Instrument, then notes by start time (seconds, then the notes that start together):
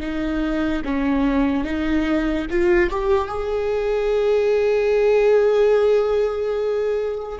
viola
0.00 D#4
0.84 C#4
1.64 D#4
2.50 F4
2.90 G4
3.28 G#4